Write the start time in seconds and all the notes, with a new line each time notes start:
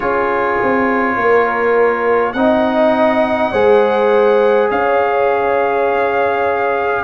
0.00 C#4 F4 G#4 C#5
0.62 C4
1.16 A#3 A#4
2.33 C4 D#4 D#5 F#5
3.51 G#3 G#4 C5
4.70 C#4 C#5 F5